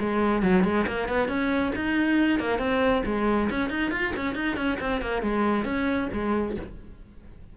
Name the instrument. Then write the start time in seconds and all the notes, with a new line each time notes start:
cello
0.00 G#3
0.43 F#3
0.64 G#3
0.87 A#3
1.08 B3
1.28 C#4
1.75 D#4
2.39 A#3
2.59 C4
3.06 G#3
3.50 C#4
3.70 D#4
3.91 F4
4.16 C#4
4.35 D#4
4.56 C#4
4.80 C4
5.01 A#3
5.22 G#3
5.65 C#4
6.13 G#3